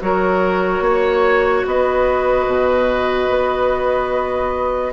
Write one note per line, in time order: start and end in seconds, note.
0.00 0.81 F#3
0.00 4.93 F#4
0.00 0.84 A#4
0.00 1.66 C#5
0.81 1.63 A#3
0.81 1.66 C#5
1.66 2.47 B3
1.66 4.93 B4
1.66 4.93 D#5
2.47 3.29 B2
3.30 4.93 B3